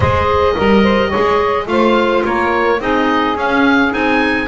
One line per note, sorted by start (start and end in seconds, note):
0.00 0.55 G#3
0.00 0.56 G#4
0.00 0.55 C5
0.00 1.67 D#5
0.56 1.14 G3
0.56 1.12 A#4
0.56 0.82 A#4
0.82 1.08 C5
1.08 1.66 G#4
1.08 1.64 C#5
1.15 1.66 G#3
1.66 2.23 A3
1.66 2.78 F4
1.66 2.24 C5
1.66 2.23 F5
2.24 2.79 A#3
2.24 2.79 A#4
2.24 2.81 C#5
2.79 3.35 C4
2.79 3.36 D#4
2.79 4.48 G#4
2.79 3.37 D#5
3.35 3.91 C#4
3.35 3.90 C#4
3.35 3.93 F5
3.90 4.48 C4
3.90 4.46 D#4
3.90 4.48 G#5